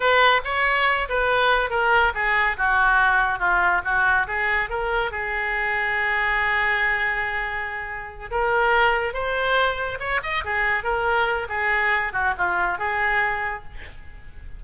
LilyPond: \new Staff \with { instrumentName = "oboe" } { \time 4/4 \tempo 4 = 141 b'4 cis''4. b'4. | ais'4 gis'4 fis'2 | f'4 fis'4 gis'4 ais'4 | gis'1~ |
gis'2.~ gis'8 ais'8~ | ais'4. c''2 cis''8 | dis''8 gis'4 ais'4. gis'4~ | gis'8 fis'8 f'4 gis'2 | }